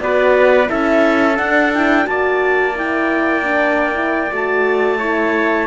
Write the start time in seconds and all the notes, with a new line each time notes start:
0.00 B3 F#4 B4 D5
0.66 E4 A4 E5
0.72 C#4
1.37 D4 F#5
1.74 E4 G5
2.05 A#3 F#4 D5 A5
2.76 E4 G5
3.44 D4
3.94 E4
4.32 A3 F#4 A5
4.99 E4 C#5